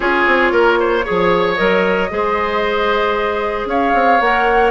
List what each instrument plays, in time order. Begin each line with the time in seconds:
0.00 bassoon C#4, clarinet F4, oboe G#4, flute C#5
0.26 bassoon C4
0.51 bassoon A#3, oboe A#4
0.80 oboe C5
1.04 clarinet G#4, oboe C#5
1.10 bassoon F3
1.55 bassoon F#3, clarinet A#4, flute D#5
2.10 bassoon G#3, clarinet G#4, oboe C5
3.65 bassoon C#4, oboe C#5, flute F5
3.94 bassoon C4
4.20 bassoon A#3, clarinet A#4, flute F#5